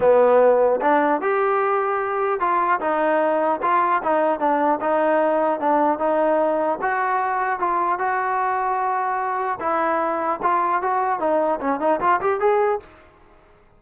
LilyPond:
\new Staff \with { instrumentName = "trombone" } { \time 4/4 \tempo 4 = 150 b2 d'4 g'4~ | g'2 f'4 dis'4~ | dis'4 f'4 dis'4 d'4 | dis'2 d'4 dis'4~ |
dis'4 fis'2 f'4 | fis'1 | e'2 f'4 fis'4 | dis'4 cis'8 dis'8 f'8 g'8 gis'4 | }